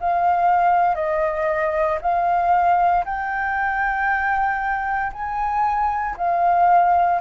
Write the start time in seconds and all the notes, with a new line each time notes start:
0.00 F5
0.95 D#5
2.01 F5
3.05 G5
5.13 G#5
6.17 F5